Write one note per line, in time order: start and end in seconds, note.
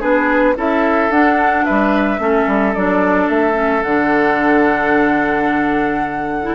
0.00 0.56 B3
0.00 0.55 D4
0.00 0.55 G#4
0.00 0.56 B4
0.56 1.10 C#4
0.56 1.11 E4
0.56 1.65 A4
0.56 1.12 E5
1.10 1.64 D4
1.10 2.19 D4
1.10 1.65 F#5
1.65 2.19 G3
1.65 2.20 B4
1.65 2.74 E5
2.19 2.46 A3
2.19 2.74 C#4
2.19 6.55 A4
2.47 2.74 G3
2.74 3.29 F#3
2.74 3.54 D4
2.74 3.29 D5
3.29 3.84 A3
3.29 3.83 E5
3.54 3.81 C#4
3.83 6.55 D3
3.83 6.43 D4
3.83 6.55 F#5
6.43 6.55 E4